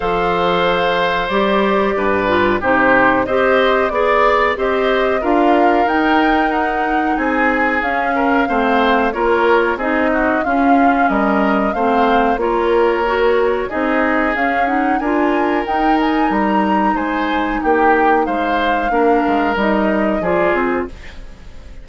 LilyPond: <<
  \new Staff \with { instrumentName = "flute" } { \time 4/4 \tempo 4 = 92 f''2 d''2 | c''4 dis''4 d''4 dis''4 | f''4 g''4 fis''4 gis''4 | f''2 cis''4 dis''4 |
f''4 dis''4 f''4 cis''4~ | cis''4 dis''4 f''8 fis''8 gis''4 | g''8 gis''8 ais''4 gis''4 g''4 | f''2 dis''4 d''8 c''8 | }
  \new Staff \with { instrumentName = "oboe" } { \time 4/4 c''2. b'4 | g'4 c''4 d''4 c''4 | ais'2. gis'4~ | gis'8 ais'8 c''4 ais'4 gis'8 fis'8 |
f'4 ais'4 c''4 ais'4~ | ais'4 gis'2 ais'4~ | ais'2 c''4 g'4 | c''4 ais'2 gis'4 | }
  \new Staff \with { instrumentName = "clarinet" } { \time 4/4 a'2 g'4. f'8 | dis'4 g'4 gis'4 g'4 | f'4 dis'2. | cis'4 c'4 f'4 dis'4 |
cis'2 c'4 f'4 | fis'4 dis'4 cis'8 dis'8 f'4 | dis'1~ | dis'4 d'4 dis'4 f'4 | }
  \new Staff \with { instrumentName = "bassoon" } { \time 4/4 f2 g4 g,4 | c4 c'4 b4 c'4 | d'4 dis'2 c'4 | cis'4 a4 ais4 c'4 |
cis'4 g4 a4 ais4~ | ais4 c'4 cis'4 d'4 | dis'4 g4 gis4 ais4 | gis4 ais8 gis8 g4 f8 c'8 | }
>>